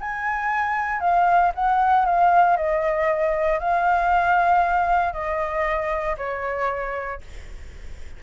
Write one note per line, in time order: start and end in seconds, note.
0.00 1.00 G#5
1.00 1.52 F5
1.55 2.05 F#5
2.05 2.57 F5
2.57 3.59 D#5
3.59 5.13 F5
5.13 6.16 D#5
6.17 7.21 C#5